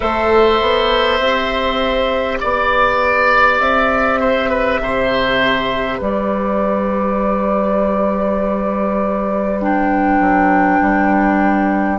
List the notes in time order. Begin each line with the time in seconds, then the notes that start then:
0.00 A3 A4 C5 E5
0.61 B3
1.19 C4 G4
2.40 B3 D5
3.60 C4 E5
4.20 C5
4.49 B4
4.79 C3 C5
5.98 G3 B4 D5
9.59 D4 G5
10.20 F#3
10.81 G3